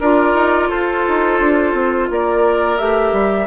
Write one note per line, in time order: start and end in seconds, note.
0.00 0.34 D4
0.00 2.79 F4
0.00 0.69 A#4
0.00 0.69 D5
0.34 0.69 D#4
0.69 1.05 F4
0.69 2.09 A4
0.69 2.09 C5
1.08 1.40 D#4
1.40 1.74 D4
1.74 2.08 C4
2.10 2.80 A#3
2.10 3.48 A#4
2.10 2.78 D5
2.78 3.13 A3
2.78 3.48 G4
2.78 3.48 E5
3.13 3.48 G3